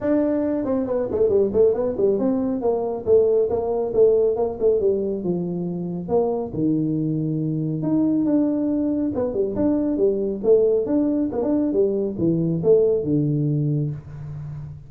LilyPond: \new Staff \with { instrumentName = "tuba" } { \time 4/4 \tempo 4 = 138 d'4. c'8 b8 a8 g8 a8 | b8 g8 c'4 ais4 a4 | ais4 a4 ais8 a8 g4 | f2 ais4 dis4~ |
dis2 dis'4 d'4~ | d'4 b8 g8 d'4 g4 | a4 d'4 ais16 d'8. g4 | e4 a4 d2 | }